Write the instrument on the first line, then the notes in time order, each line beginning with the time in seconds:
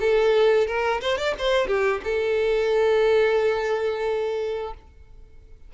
violin
0.00 A4
0.67 A#4
1.01 C5
1.17 D5
1.39 C5
1.67 G4
2.04 A4